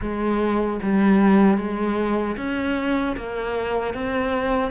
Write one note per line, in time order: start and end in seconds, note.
0.01 0.80 G#3
0.82 1.57 G3
1.57 2.36 G#3
2.36 3.15 C#4
3.16 3.94 A#3
3.94 4.71 C4